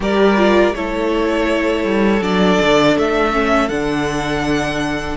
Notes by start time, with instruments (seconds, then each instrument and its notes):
0.00 cello G3, viola G4, violin A#4 D5
0.36 viola F4
0.74 cello A3, viola E4, violin A4 C#5
1.83 cello G3
2.20 cello F#3, viola D4, violin D5
2.60 cello D3
2.97 cello A3, violin E5
3.32 viola C#4
3.69 cello D3, viola D4, violin F#5